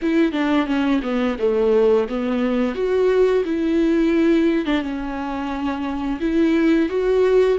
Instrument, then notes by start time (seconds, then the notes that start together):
viola
0.02 E4
0.31 D4
0.66 C#4
1.02 B3
1.39 A3
2.08 B3
2.74 F#4
3.45 E4
4.65 D4
4.81 C#4
6.20 E4
6.89 F#4